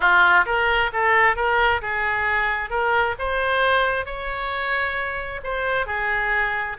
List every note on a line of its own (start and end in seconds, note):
0.00 0.45 F4
0.45 0.90 A#4
0.92 1.36 A4
1.36 1.81 A#4
1.81 2.69 G#4
2.69 3.15 A#4
3.18 4.05 C5
4.05 5.40 C#5
5.43 5.86 C5
5.86 6.76 G#4